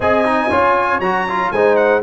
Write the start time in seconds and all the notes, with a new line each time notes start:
0.00 C4 G#4 D#5 G#5
0.24 D#4
0.50 C#4 F4 C#5
0.99 F#3 F#4 A#5
1.28 F4
1.51 G#3 D#4 C5 G#5
1.76 F#5